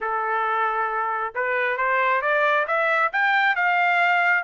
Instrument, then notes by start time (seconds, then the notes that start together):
trumpet
0.00 A4
1.35 B4
1.77 C5
2.21 D5
2.67 E5
3.12 G5
3.55 F5